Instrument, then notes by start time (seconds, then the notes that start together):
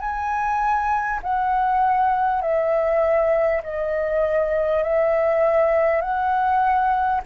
flute
0.00 G#5
1.23 F#5
2.42 E5
3.64 D#5
4.83 E5
6.02 F#5